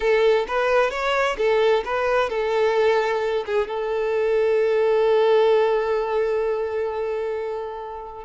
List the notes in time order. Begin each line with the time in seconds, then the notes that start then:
0.00 A4
0.47 B4
0.90 C#5
1.37 A4
1.84 B4
2.29 A4
3.46 G#4
3.67 A4